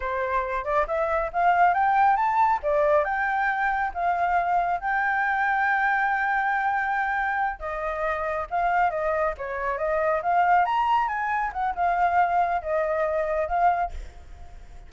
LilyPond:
\new Staff \with { instrumentName = "flute" } { \time 4/4 \tempo 4 = 138 c''4. d''8 e''4 f''4 | g''4 a''4 d''4 g''4~ | g''4 f''2 g''4~ | g''1~ |
g''4. dis''2 f''8~ | f''8 dis''4 cis''4 dis''4 f''8~ | f''8 ais''4 gis''4 fis''8 f''4~ | f''4 dis''2 f''4 | }